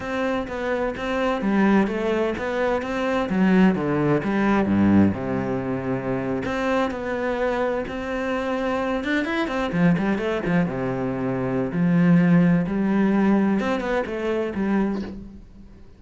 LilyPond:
\new Staff \with { instrumentName = "cello" } { \time 4/4 \tempo 4 = 128 c'4 b4 c'4 g4 | a4 b4 c'4 fis4 | d4 g4 g,4 c4~ | c4.~ c16 c'4 b4~ b16~ |
b8. c'2~ c'8 d'8 e'16~ | e'16 c'8 f8 g8 a8 f8 c4~ c16~ | c4 f2 g4~ | g4 c'8 b8 a4 g4 | }